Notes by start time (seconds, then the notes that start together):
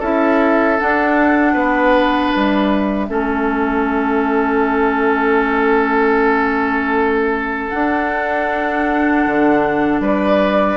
0.00 C#4 E4 A4 E5
0.79 D4 F#5
1.53 B3 B4
2.33 G3 E5
3.08 A3 C#4 A4
7.69 D4 F#5
9.27 D3
10.00 G3 B4 D5